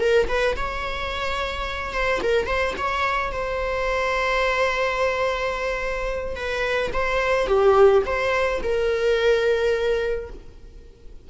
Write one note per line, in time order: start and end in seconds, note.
0.00 0.28 A#4
0.29 0.56 B4
0.57 1.93 C#5
1.93 2.21 C5
2.23 2.47 A#4
2.47 2.75 C5
2.78 3.32 C#5
3.32 6.36 C5
6.36 6.92 B4
6.93 7.47 C5
7.47 8.03 G4
8.06 8.62 C5
8.63 10.30 A#4